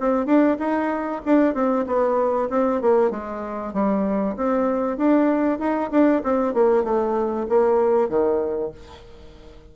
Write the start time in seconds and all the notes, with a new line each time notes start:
0.00 C4
0.26 D4
0.59 D#4
1.26 D4
1.54 C4
1.87 B3
2.50 C4
2.82 A#3
3.11 G#3
3.74 G3
4.36 C4
4.98 D4
5.59 D#4
5.91 D4
6.24 C4
6.54 A#3
6.84 A3
7.49 A#3
8.09 D#3